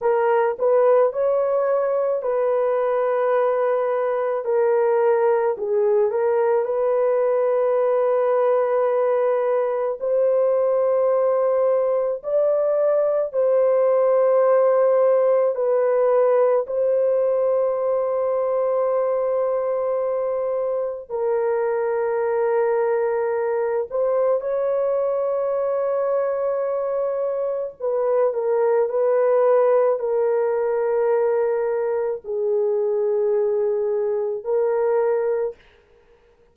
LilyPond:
\new Staff \with { instrumentName = "horn" } { \time 4/4 \tempo 4 = 54 ais'8 b'8 cis''4 b'2 | ais'4 gis'8 ais'8 b'2~ | b'4 c''2 d''4 | c''2 b'4 c''4~ |
c''2. ais'4~ | ais'4. c''8 cis''2~ | cis''4 b'8 ais'8 b'4 ais'4~ | ais'4 gis'2 ais'4 | }